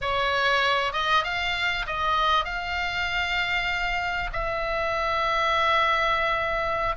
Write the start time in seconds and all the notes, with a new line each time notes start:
0.01 C#5
0.93 D#5
1.24 F5
1.86 D#5
2.45 F5
4.32 E5